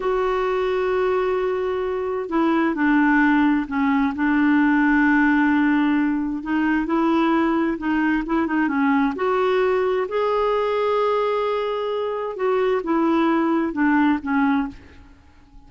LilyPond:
\new Staff \with { instrumentName = "clarinet" } { \time 4/4 \tempo 4 = 131 fis'1~ | fis'4 e'4 d'2 | cis'4 d'2.~ | d'2 dis'4 e'4~ |
e'4 dis'4 e'8 dis'8 cis'4 | fis'2 gis'2~ | gis'2. fis'4 | e'2 d'4 cis'4 | }